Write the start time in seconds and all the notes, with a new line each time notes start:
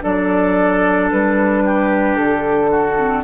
0.00 F#3 D4 A4 D5
1.11 G3 B4
1.65 G4
2.16 D3 A4
2.71 F#4
2.97 C4